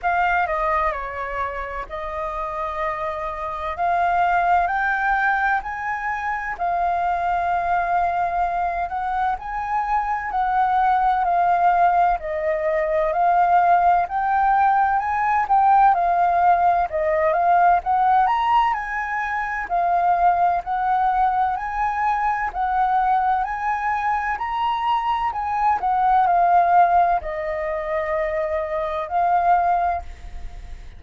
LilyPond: \new Staff \with { instrumentName = "flute" } { \time 4/4 \tempo 4 = 64 f''8 dis''8 cis''4 dis''2 | f''4 g''4 gis''4 f''4~ | f''4. fis''8 gis''4 fis''4 | f''4 dis''4 f''4 g''4 |
gis''8 g''8 f''4 dis''8 f''8 fis''8 ais''8 | gis''4 f''4 fis''4 gis''4 | fis''4 gis''4 ais''4 gis''8 fis''8 | f''4 dis''2 f''4 | }